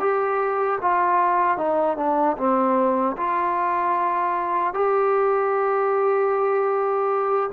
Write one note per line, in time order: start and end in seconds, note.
0.00 0.79 G4
0.81 1.58 F4
1.58 1.97 D#4
1.97 2.37 D4
2.37 3.16 C4
3.17 4.74 F4
4.74 7.50 G4